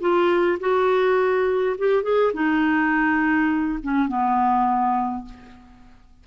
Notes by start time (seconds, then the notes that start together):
0.00 F4
0.60 F#4
1.78 G4
2.03 G#4
2.33 D#4
3.83 C#4
4.08 B3